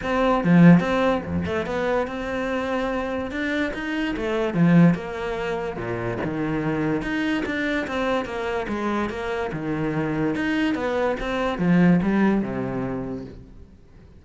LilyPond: \new Staff \with { instrumentName = "cello" } { \time 4/4 \tempo 4 = 145 c'4 f4 c'4 f,8 a8 | b4 c'2. | d'4 dis'4 a4 f4 | ais2 ais,4 dis4~ |
dis4 dis'4 d'4 c'4 | ais4 gis4 ais4 dis4~ | dis4 dis'4 b4 c'4 | f4 g4 c2 | }